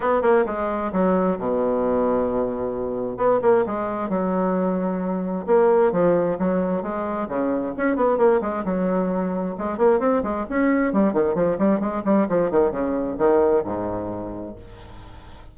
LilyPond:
\new Staff \with { instrumentName = "bassoon" } { \time 4/4 \tempo 4 = 132 b8 ais8 gis4 fis4 b,4~ | b,2. b8 ais8 | gis4 fis2. | ais4 f4 fis4 gis4 |
cis4 cis'8 b8 ais8 gis8 fis4~ | fis4 gis8 ais8 c'8 gis8 cis'4 | g8 dis8 f8 g8 gis8 g8 f8 dis8 | cis4 dis4 gis,2 | }